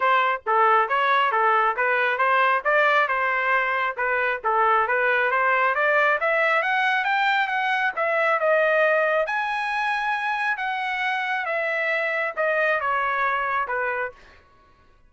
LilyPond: \new Staff \with { instrumentName = "trumpet" } { \time 4/4 \tempo 4 = 136 c''4 a'4 cis''4 a'4 | b'4 c''4 d''4 c''4~ | c''4 b'4 a'4 b'4 | c''4 d''4 e''4 fis''4 |
g''4 fis''4 e''4 dis''4~ | dis''4 gis''2. | fis''2 e''2 | dis''4 cis''2 b'4 | }